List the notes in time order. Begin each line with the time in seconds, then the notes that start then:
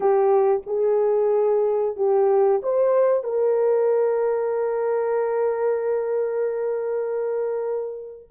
0.00 G4
0.66 G#4
1.96 G4
2.62 C5
3.23 A#4